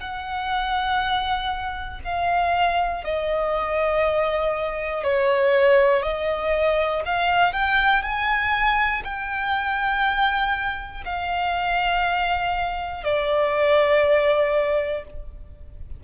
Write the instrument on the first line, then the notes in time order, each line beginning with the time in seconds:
violin
0.00 F#5
2.04 F5
3.04 D#5
5.04 C#5
6.02 D#5
7.05 F5
7.53 G5
8.03 G#5
9.04 G5
11.05 F5
13.04 D5